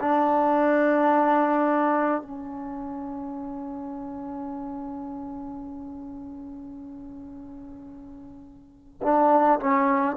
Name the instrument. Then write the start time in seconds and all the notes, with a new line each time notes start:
trombone
0.00 D4
2.21 C#4
9.02 D4
9.60 C#4